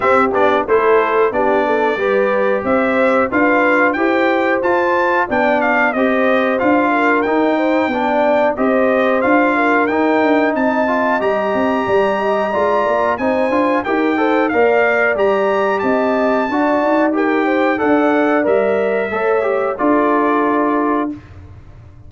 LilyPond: <<
  \new Staff \with { instrumentName = "trumpet" } { \time 4/4 \tempo 4 = 91 e''8 d''8 c''4 d''2 | e''4 f''4 g''4 a''4 | g''8 f''8 dis''4 f''4 g''4~ | g''4 dis''4 f''4 g''4 |
a''4 ais''2. | gis''4 g''4 f''4 ais''4 | a''2 g''4 fis''4 | e''2 d''2 | }
  \new Staff \with { instrumentName = "horn" } { \time 4/4 g'4 a'4 g'8 a'8 b'4 | c''4 b'4 c''2 | d''4 c''4. ais'4 c''8 | d''4 c''4. ais'4. |
dis''2 d''8 dis''8 d''4 | c''4 ais'8 c''8 d''2 | dis''4 d''4 ais'8 c''8 d''4~ | d''4 cis''4 a'2 | }
  \new Staff \with { instrumentName = "trombone" } { \time 4/4 c'8 d'8 e'4 d'4 g'4~ | g'4 f'4 g'4 f'4 | d'4 g'4 f'4 dis'4 | d'4 g'4 f'4 dis'4~ |
dis'8 f'8 g'2 f'4 | dis'8 f'8 g'8 a'8 ais'4 g'4~ | g'4 fis'4 g'4 a'4 | ais'4 a'8 g'8 f'2 | }
  \new Staff \with { instrumentName = "tuba" } { \time 4/4 c'8 b8 a4 b4 g4 | c'4 d'4 e'4 f'4 | b4 c'4 d'4 dis'4 | b4 c'4 d'4 dis'8 d'8 |
c'4 g8 c'8 g4 gis8 ais8 | c'8 d'8 dis'4 ais4 g4 | c'4 d'8 dis'4. d'4 | g4 a4 d'2 | }
>>